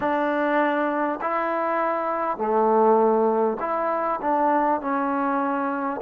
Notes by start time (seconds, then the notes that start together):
0.00 D4
1.21 E4
2.37 A3
3.59 E4
4.21 D4
4.81 C#4